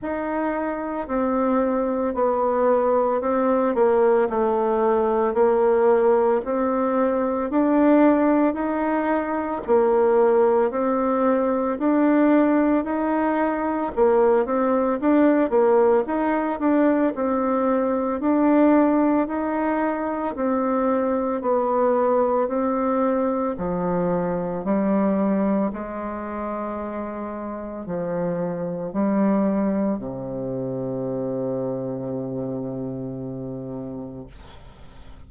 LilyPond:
\new Staff \with { instrumentName = "bassoon" } { \time 4/4 \tempo 4 = 56 dis'4 c'4 b4 c'8 ais8 | a4 ais4 c'4 d'4 | dis'4 ais4 c'4 d'4 | dis'4 ais8 c'8 d'8 ais8 dis'8 d'8 |
c'4 d'4 dis'4 c'4 | b4 c'4 f4 g4 | gis2 f4 g4 | c1 | }